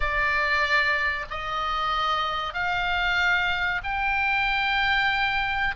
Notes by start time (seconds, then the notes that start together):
0.00 D5
1.30 D#5
2.53 F5
3.83 G5